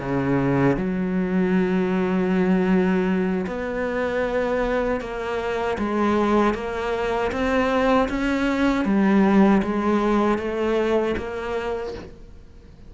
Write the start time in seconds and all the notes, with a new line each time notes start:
0.00 C#3
0.77 F#3
3.47 B3
5.01 A#3
5.78 G#3
6.55 A#3
7.32 C4
8.09 C#4
8.85 G3
9.63 G#3
10.38 A3
11.17 A#3